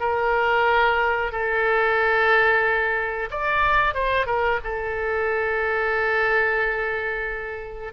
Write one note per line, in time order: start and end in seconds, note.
0.00 1.32 A#4
1.32 3.30 A4
3.31 3.94 D5
3.94 4.26 C5
4.26 4.59 A#4
4.64 7.93 A4